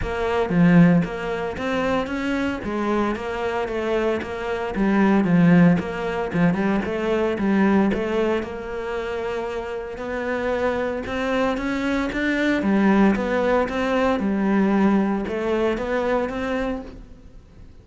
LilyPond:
\new Staff \with { instrumentName = "cello" } { \time 4/4 \tempo 4 = 114 ais4 f4 ais4 c'4 | cis'4 gis4 ais4 a4 | ais4 g4 f4 ais4 | f8 g8 a4 g4 a4 |
ais2. b4~ | b4 c'4 cis'4 d'4 | g4 b4 c'4 g4~ | g4 a4 b4 c'4 | }